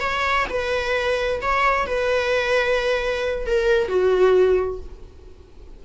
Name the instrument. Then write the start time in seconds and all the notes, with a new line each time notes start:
viola
0.00 C#5
0.50 B4
1.41 C#5
1.87 B4
3.46 A#4
3.88 F#4